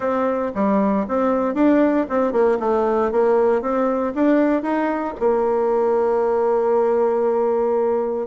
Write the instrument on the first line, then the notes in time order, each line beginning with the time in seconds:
bassoon
0.00 C4
0.54 G3
1.07 C4
1.54 D4
2.09 C4
2.32 A#3
2.59 A3
3.11 A#3
3.61 C4
4.14 D4
4.62 D#4
5.19 A#3